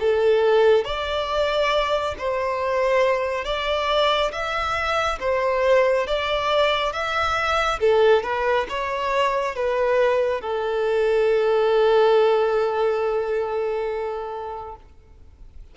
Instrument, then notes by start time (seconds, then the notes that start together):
violin
0.00 A4
0.85 D5
2.19 C5
3.45 D5
4.32 E5
5.20 C5
6.07 D5
6.93 E5
7.81 A4
8.23 B4
8.69 C#5
9.56 B4
10.41 A4